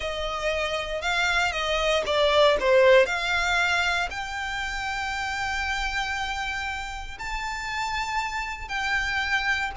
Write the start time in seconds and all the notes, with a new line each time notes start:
0.00 D#5
1.01 F5
1.52 D#5
2.05 D5
2.59 C5
3.06 F5
4.10 G5
7.18 A5
8.68 G5